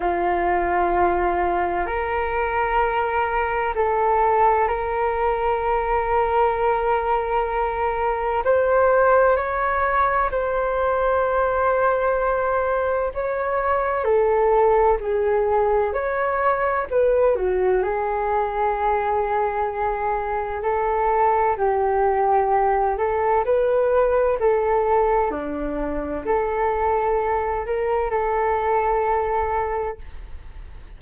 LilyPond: \new Staff \with { instrumentName = "flute" } { \time 4/4 \tempo 4 = 64 f'2 ais'2 | a'4 ais'2.~ | ais'4 c''4 cis''4 c''4~ | c''2 cis''4 a'4 |
gis'4 cis''4 b'8 fis'8 gis'4~ | gis'2 a'4 g'4~ | g'8 a'8 b'4 a'4 d'4 | a'4. ais'8 a'2 | }